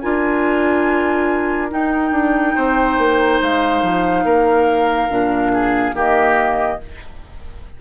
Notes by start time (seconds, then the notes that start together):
0.00 D4 F4 A#4 G#5
1.71 D#4 G5
2.12 D4
2.56 C4 C5
2.98 A#3
3.42 G#3 F5
3.82 F3
4.25 A#3 A#4
5.10 A#2 D4
5.54 G#4
5.93 D#3 A#3 G4 D#5